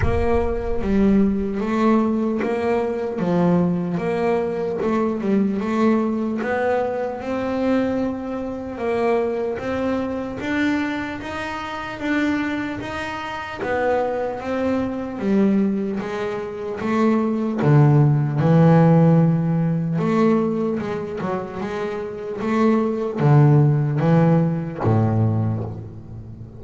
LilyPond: \new Staff \with { instrumentName = "double bass" } { \time 4/4 \tempo 4 = 75 ais4 g4 a4 ais4 | f4 ais4 a8 g8 a4 | b4 c'2 ais4 | c'4 d'4 dis'4 d'4 |
dis'4 b4 c'4 g4 | gis4 a4 d4 e4~ | e4 a4 gis8 fis8 gis4 | a4 d4 e4 a,4 | }